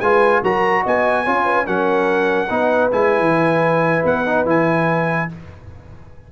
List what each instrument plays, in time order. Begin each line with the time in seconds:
0.00 tuba G#3, trombone F4, horn B4, trumpet G#5
0.42 tuba F#3, trombone F#4, horn A#4, trumpet A#5
0.82 tuba B3, horn D#5, trumpet G#5
1.24 tuba C#4, trombone F4, horn C#5
1.44 horn B4
1.65 tuba F#3, trombone C#4, horn A#4, trumpet F#5
2.49 tuba B3, trombone D#4, horn B4
2.91 tuba G#3, trombone E4, trumpet G#5
3.19 tuba E3
4.04 tuba B3, trumpet F#5
4.25 trombone D#4
4.45 tuba E3, trombone E4, trumpet G#5